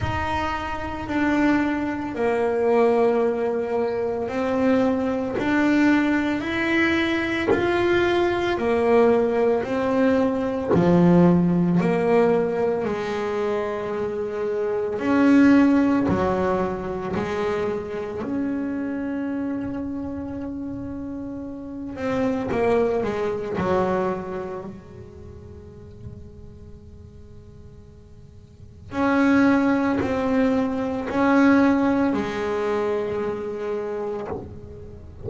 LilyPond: \new Staff \with { instrumentName = "double bass" } { \time 4/4 \tempo 4 = 56 dis'4 d'4 ais2 | c'4 d'4 e'4 f'4 | ais4 c'4 f4 ais4 | gis2 cis'4 fis4 |
gis4 cis'2.~ | cis'8 c'8 ais8 gis8 fis4 gis4~ | gis2. cis'4 | c'4 cis'4 gis2 | }